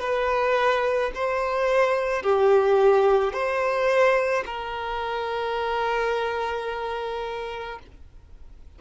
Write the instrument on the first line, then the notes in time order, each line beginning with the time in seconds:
violin
0.00 B4
1.14 C5
2.22 G4
3.33 C5
4.45 A#4